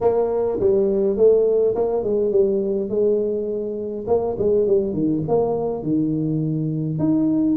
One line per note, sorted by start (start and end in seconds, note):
0.00 0.59 A#3
0.60 1.16 G3
1.16 1.74 A3
1.75 2.03 A#3
2.03 2.31 G#3
2.31 2.89 G3
2.89 4.05 G#3
4.07 4.36 A#3
4.38 4.66 G#3
4.66 4.93 G3
4.93 5.22 D#3
5.28 5.82 A#3
5.82 6.98 D#3
6.98 7.56 D#4